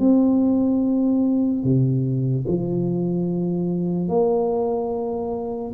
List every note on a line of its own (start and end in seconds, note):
0.00 1.64 C4
1.64 2.46 C3
2.48 4.09 F3
4.09 5.73 A#3